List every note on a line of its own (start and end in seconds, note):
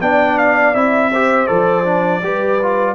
0.00 0.74 B3
0.00 0.74 D4
0.00 1.10 D5
0.00 0.37 G5
0.37 0.74 F5
0.74 1.48 C4
0.74 1.11 E4
0.74 1.46 E5
1.10 1.47 G4
1.10 2.21 C5
1.46 2.23 F3
1.46 1.84 A4
1.46 2.95 D5
1.84 2.21 D4
2.22 2.95 G3
2.22 2.59 G4
2.22 2.95 B4
2.62 2.95 F4